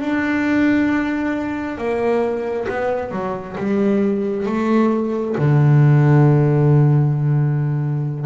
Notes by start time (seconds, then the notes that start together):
0.00 D4
1.77 A#3
2.68 B3
3.11 F#3
3.57 G3
4.46 A3
5.37 D3